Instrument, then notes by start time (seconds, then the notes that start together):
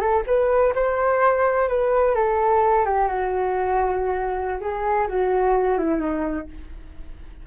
flute
0.00 A4
0.26 B4
0.75 C5
1.68 B4
2.15 A4
2.85 G4
3.07 F#4
4.60 G#4
5.08 F#4
5.78 E4
6.00 D#4